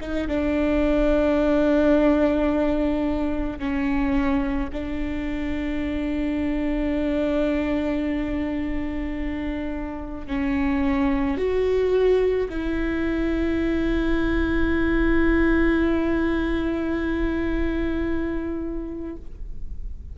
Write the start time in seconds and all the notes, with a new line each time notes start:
0.00 D#4
0.28 D4
3.59 C#4
4.72 D4
10.27 C#4
11.37 F#4
12.49 E4